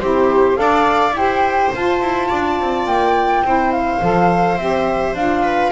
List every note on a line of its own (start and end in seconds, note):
0.00 0.58 C4
0.00 0.55 E4
0.00 0.59 G4
0.00 0.57 C5
0.55 1.11 D4
0.55 1.12 A4
0.55 1.14 F5
0.61 1.18 D5
1.11 1.69 E4
1.11 1.73 G4
1.11 1.73 G5
1.18 2.28 C5
1.75 2.01 F4
1.75 3.45 F4
1.75 2.87 A5
2.01 2.30 E4
2.28 2.61 D4
2.28 3.42 D5
2.61 2.86 C4
2.86 3.42 A#3
2.86 3.72 G5
3.42 4.00 C4
3.42 4.01 E4
3.42 5.43 C5
3.72 4.58 F5
4.01 4.58 F3
4.01 4.58 A4
4.58 5.14 C4
4.58 5.16 G4
4.58 5.15 E5
5.14 5.71 D4
5.14 5.72 F4
5.14 5.72 F5
5.43 5.72 B4